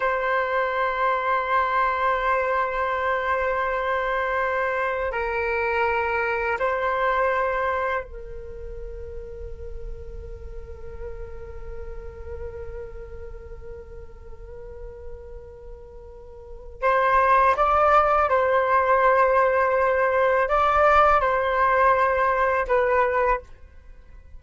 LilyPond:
\new Staff \with { instrumentName = "flute" } { \time 4/4 \tempo 4 = 82 c''1~ | c''2. ais'4~ | ais'4 c''2 ais'4~ | ais'1~ |
ais'1~ | ais'2. c''4 | d''4 c''2. | d''4 c''2 b'4 | }